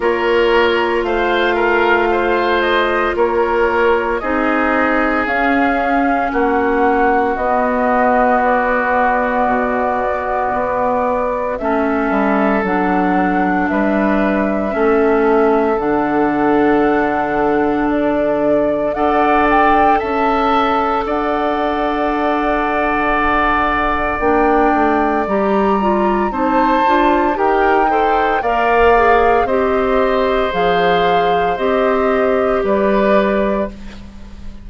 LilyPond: <<
  \new Staff \with { instrumentName = "flute" } { \time 4/4 \tempo 4 = 57 cis''4 f''4. dis''8 cis''4 | dis''4 f''4 fis''4 dis''4 | d''2. e''4 | fis''4 e''2 fis''4~ |
fis''4 d''4 fis''8 g''8 a''4 | fis''2. g''4 | ais''4 a''4 g''4 f''4 | dis''4 f''4 dis''4 d''4 | }
  \new Staff \with { instrumentName = "oboe" } { \time 4/4 ais'4 c''8 ais'8 c''4 ais'4 | gis'2 fis'2~ | fis'2. a'4~ | a'4 b'4 a'2~ |
a'2 d''4 e''4 | d''1~ | d''4 c''4 ais'8 c''8 d''4 | c''2. b'4 | }
  \new Staff \with { instrumentName = "clarinet" } { \time 4/4 f'1 | dis'4 cis'2 b4~ | b2. cis'4 | d'2 cis'4 d'4~ |
d'2 a'2~ | a'2. d'4 | g'8 f'8 dis'8 f'8 g'8 a'8 ais'8 gis'8 | g'4 gis'4 g'2 | }
  \new Staff \with { instrumentName = "bassoon" } { \time 4/4 ais4 a2 ais4 | c'4 cis'4 ais4 b4~ | b4 b,4 b4 a8 g8 | fis4 g4 a4 d4~ |
d2 d'4 cis'4 | d'2. ais8 a8 | g4 c'8 d'8 dis'4 ais4 | c'4 f4 c'4 g4 | }
>>